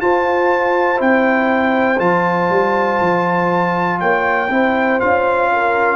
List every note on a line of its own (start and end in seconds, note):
0.00 0.96 F4
0.00 1.00 F4
0.00 4.00 C5
0.00 1.00 A5
0.96 2.00 C4
0.96 1.96 E4
0.96 1.99 G5
1.98 2.49 F3
1.98 4.48 F4
1.98 3.99 A5
2.49 2.99 G3
3.00 4.00 F3
4.00 4.49 A#3
4.00 4.50 C#5
4.00 5.00 G5
4.49 4.99 C4
4.49 5.00 E4
4.49 5.51 C5
5.00 5.96 C#4
5.00 5.96 F4
5.00 5.96 F5
5.52 5.96 A#4